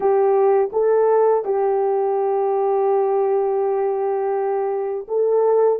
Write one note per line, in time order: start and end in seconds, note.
0.00 0.70 G4
0.72 1.44 A4
1.45 5.06 G4
5.08 5.79 A4